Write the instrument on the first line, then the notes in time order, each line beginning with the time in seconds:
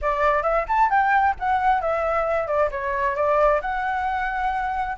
flute
0.01 D5
0.42 E5
0.68 A5
0.90 G5
1.39 F#5
1.81 E5
2.47 D5
2.71 C#5
3.15 D5
3.61 F#5